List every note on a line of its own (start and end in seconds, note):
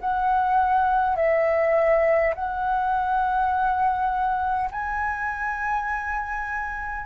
0.00 1.16 F#5
1.16 2.33 E5
2.34 4.70 F#5
4.71 7.06 G#5